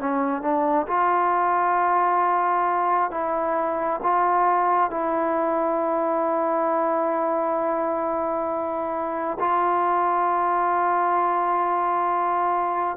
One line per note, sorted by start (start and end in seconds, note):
0.00 0.42 C#4
0.42 0.87 D4
0.88 3.11 F4
3.11 4.01 E4
4.03 4.91 F4
4.91 9.39 E4
9.40 12.97 F4